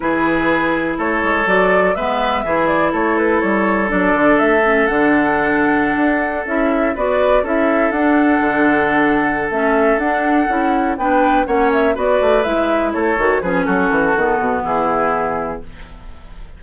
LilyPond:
<<
  \new Staff \with { instrumentName = "flute" } { \time 4/4 \tempo 4 = 123 b'2 cis''4 d''4 | e''4. d''8 cis''8 b'8 cis''4 | d''4 e''4 fis''2~ | fis''4~ fis''16 e''4 d''4 e''8.~ |
e''16 fis''2.~ fis''16 e''8~ | e''8 fis''2 g''4 fis''8 | e''8 d''4 e''4 cis''4 b'8 | a'2 gis'2 | }
  \new Staff \with { instrumentName = "oboe" } { \time 4/4 gis'2 a'2 | b'4 gis'4 a'2~ | a'1~ | a'2~ a'16 b'4 a'8.~ |
a'1~ | a'2~ a'8 b'4 cis''8~ | cis''8 b'2 a'4 gis'8 | fis'2 e'2 | }
  \new Staff \with { instrumentName = "clarinet" } { \time 4/4 e'2. fis'4 | b4 e'2. | d'4. cis'8 d'2~ | d'4~ d'16 e'4 fis'4 e'8.~ |
e'16 d'2.~ d'16 cis'8~ | cis'8 d'4 e'4 d'4 cis'8~ | cis'8 fis'4 e'4. fis'8 cis'8~ | cis'4 b2. | }
  \new Staff \with { instrumentName = "bassoon" } { \time 4/4 e2 a8 gis8 fis4 | gis4 e4 a4 g4 | fis8 d8 a4 d2~ | d16 d'4 cis'4 b4 cis'8.~ |
cis'16 d'4 d2~ d16 a8~ | a8 d'4 cis'4 b4 ais8~ | ais8 b8 a8 gis4 a8 dis8 f8 | fis8 e8 dis8 b,8 e2 | }
>>